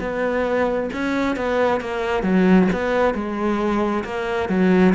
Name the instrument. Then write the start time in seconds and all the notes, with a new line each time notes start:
cello
0.00 B3
0.93 C#4
1.36 B3
1.80 A#3
2.23 F#3
2.72 B3
3.14 G#3
4.04 A#3
4.49 F#3